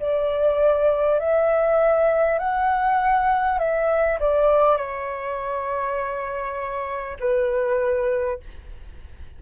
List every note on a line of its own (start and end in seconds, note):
0.00 1.19 D5
1.19 2.39 E5
2.39 3.58 F#5
3.58 4.18 E5
4.19 4.77 D5
4.77 7.17 C#5
7.19 8.39 B4